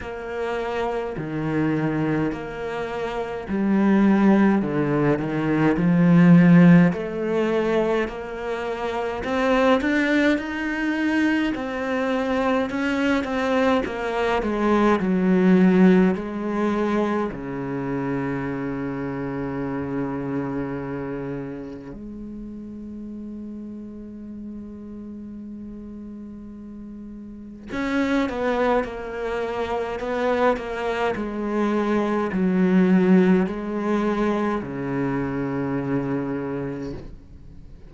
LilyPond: \new Staff \with { instrumentName = "cello" } { \time 4/4 \tempo 4 = 52 ais4 dis4 ais4 g4 | d8 dis8 f4 a4 ais4 | c'8 d'8 dis'4 c'4 cis'8 c'8 | ais8 gis8 fis4 gis4 cis4~ |
cis2. gis4~ | gis1 | cis'8 b8 ais4 b8 ais8 gis4 | fis4 gis4 cis2 | }